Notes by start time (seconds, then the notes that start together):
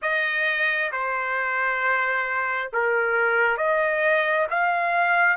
0.02 D#5
0.92 C5
2.72 A#4
3.57 D#5
4.50 F5